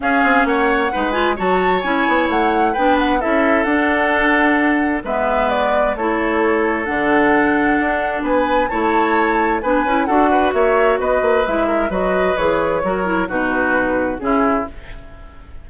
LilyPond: <<
  \new Staff \with { instrumentName = "flute" } { \time 4/4 \tempo 4 = 131 f''4 fis''4. gis''8 a''4 | gis''4 fis''4 g''8 fis''8 e''4 | fis''2. e''4 | d''4 cis''2 fis''4~ |
fis''2 gis''4 a''4~ | a''4 gis''4 fis''4 e''4 | dis''4 e''4 dis''4 cis''4~ | cis''4 b'2 gis'4 | }
  \new Staff \with { instrumentName = "oboe" } { \time 4/4 gis'4 cis''4 b'4 cis''4~ | cis''2 b'4 a'4~ | a'2. b'4~ | b'4 a'2.~ |
a'2 b'4 cis''4~ | cis''4 b'4 a'8 b'8 cis''4 | b'4. ais'8 b'2 | ais'4 fis'2 e'4 | }
  \new Staff \with { instrumentName = "clarinet" } { \time 4/4 cis'2 dis'8 f'8 fis'4 | e'2 d'4 e'4 | d'2. b4~ | b4 e'2 d'4~ |
d'2. e'4~ | e'4 d'8 e'8 fis'2~ | fis'4 e'4 fis'4 gis'4 | fis'8 e'8 dis'2 cis'4 | }
  \new Staff \with { instrumentName = "bassoon" } { \time 4/4 cis'8 c'8 ais4 gis4 fis4 | cis'8 b8 a4 b4 cis'4 | d'2. gis4~ | gis4 a2 d4~ |
d4 d'4 b4 a4~ | a4 b8 cis'8 d'4 ais4 | b8 ais8 gis4 fis4 e4 | fis4 b,2 cis4 | }
>>